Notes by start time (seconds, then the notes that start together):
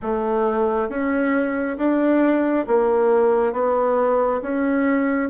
0.02 A3
0.89 C#4
1.77 D4
2.67 A#3
3.53 B3
4.42 C#4